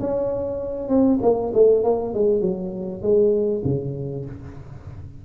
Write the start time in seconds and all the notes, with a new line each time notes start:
0.00 C#4
0.88 C4
1.22 A#3
1.54 A3
1.84 A#3
2.14 G#3
2.41 F#3
3.02 G#3
3.64 C#3